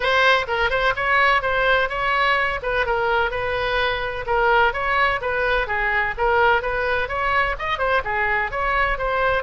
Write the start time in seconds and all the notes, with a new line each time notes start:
0.00 C5
0.47 A#4
0.70 C5
0.96 C#5
1.42 C5
1.89 C#5
2.62 B4
2.85 A#4
3.30 B4
4.26 A#4
4.73 C#5
5.21 B4
5.67 G#4
6.17 A#4
6.61 B4
7.08 C#5
7.58 D#5
7.78 C5
8.04 G#4
8.51 C#5
8.97 C5